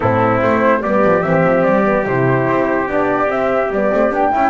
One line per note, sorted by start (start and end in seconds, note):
0.00 0.41 A2
0.00 0.82 C4
0.00 0.80 E4
0.00 0.40 A4
0.42 0.83 A3
0.42 0.82 C5
0.82 1.04 G3
0.82 1.22 B3
0.82 4.32 G4
0.82 1.22 D5
1.04 1.25 F3
1.22 1.43 E3
1.22 1.84 C4
1.22 1.63 E5
1.43 1.63 F3
1.63 2.06 G3
1.63 2.04 D5
1.84 2.05 B3
2.06 2.47 C3
2.06 2.87 E4
2.06 2.89 C5
2.47 2.87 C4
2.87 3.28 B3
2.87 3.26 D4
2.87 3.30 D5
3.26 3.67 C4
3.26 3.70 C4
3.26 3.72 E5
3.70 3.90 G3
3.70 3.91 B3
3.70 4.13 D5
3.91 4.09 A3
3.91 4.11 C4
4.09 4.30 B3
4.09 4.31 D4
4.09 4.49 G5
4.31 4.49 C#4
4.31 4.49 E4